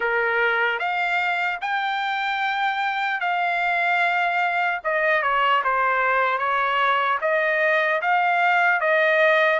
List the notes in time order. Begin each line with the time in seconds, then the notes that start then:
0.00 A#4
0.79 F5
1.61 G5
3.20 F5
4.84 D#5
5.22 C#5
5.64 C5
6.38 C#5
7.21 D#5
8.01 F5
8.80 D#5